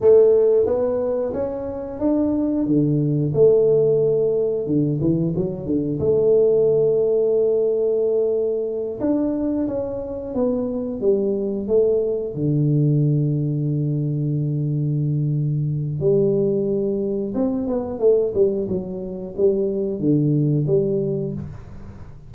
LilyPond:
\new Staff \with { instrumentName = "tuba" } { \time 4/4 \tempo 4 = 90 a4 b4 cis'4 d'4 | d4 a2 d8 e8 | fis8 d8 a2.~ | a4. d'4 cis'4 b8~ |
b8 g4 a4 d4.~ | d1 | g2 c'8 b8 a8 g8 | fis4 g4 d4 g4 | }